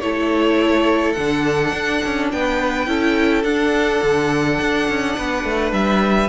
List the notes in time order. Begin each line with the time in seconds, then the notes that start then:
0.00 A3 E4 A4 C#5
1.13 D3 D4 F#5
1.72 D4
2.05 C#4
2.31 B3 B4 G5
2.87 C#4 E4 A4
3.43 D4 F#5
4.03 D3
4.61 D4
4.89 C#4
5.17 B3 B4
5.44 A3
5.72 G3 E5